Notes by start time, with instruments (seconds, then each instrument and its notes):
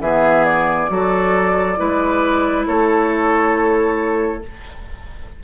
0.00 bassoon E3, clarinet B3, oboe G#4, flute E5
0.45 flute D5
0.89 bassoon F#3, clarinet F#4, oboe A4
1.77 bassoon G#3, clarinet E4, oboe B4
2.66 bassoon A3, oboe A4, flute C#5